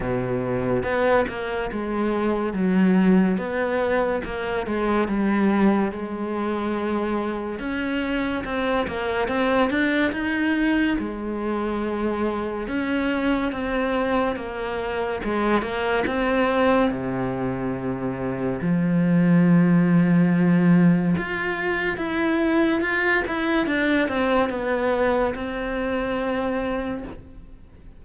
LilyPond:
\new Staff \with { instrumentName = "cello" } { \time 4/4 \tempo 4 = 71 b,4 b8 ais8 gis4 fis4 | b4 ais8 gis8 g4 gis4~ | gis4 cis'4 c'8 ais8 c'8 d'8 | dis'4 gis2 cis'4 |
c'4 ais4 gis8 ais8 c'4 | c2 f2~ | f4 f'4 e'4 f'8 e'8 | d'8 c'8 b4 c'2 | }